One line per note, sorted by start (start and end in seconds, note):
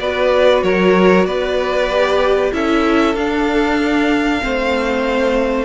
0.00 0.63 B3
0.00 1.89 F#4
0.00 0.64 B4
0.00 0.63 D5
0.63 1.25 F#3
0.63 1.26 A#4
0.63 1.26 C#5
1.25 2.51 B3
1.25 2.52 B4
1.25 2.53 D5
1.89 2.52 G4
2.52 3.15 C#4
2.52 3.15 E4
2.52 4.44 A4
2.52 3.15 E5
3.15 4.41 D4
3.15 5.65 F5
4.41 5.65 A3
4.41 5.65 C4
4.41 5.65 C5